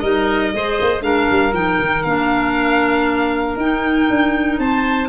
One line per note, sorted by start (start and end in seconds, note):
0.00 0.53 G3
0.00 0.54 D#4
0.00 0.52 A#4
0.00 1.02 D#5
0.54 0.79 G#3
0.54 1.01 G#4
0.54 1.05 C5
0.81 1.01 A#3
1.01 1.27 G#3
1.01 1.52 D4
1.01 4.61 A#4
1.01 1.54 F5
1.31 1.53 G3
1.53 1.78 F3
1.53 2.05 D#4
1.53 2.03 G5
1.79 2.05 D#3
2.03 3.56 A#3
2.03 3.59 D4
2.03 3.56 F5
3.56 4.07 D#4
3.56 5.09 D#4
3.56 4.59 G5
4.10 4.59 D4
4.59 5.09 C4
4.59 5.09 C5
4.59 5.09 A5